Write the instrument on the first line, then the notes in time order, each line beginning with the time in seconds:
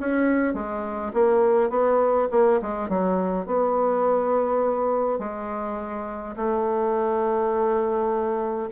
bassoon
0.00 C#4
0.54 G#3
1.14 A#3
1.71 B3
2.31 A#3
2.62 G#3
2.89 F#3
3.47 B3
5.20 G#3
6.37 A3